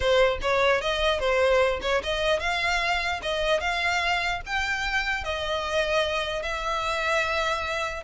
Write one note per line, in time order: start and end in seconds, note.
0.00 0.38 C5
0.41 0.81 C#5
0.81 1.19 D#5
1.19 1.79 C5
1.81 2.01 C#5
2.03 2.39 D#5
2.39 3.20 F5
3.22 3.60 D#5
3.60 4.41 F5
4.46 5.24 G5
5.24 6.42 D#5
6.42 8.03 E5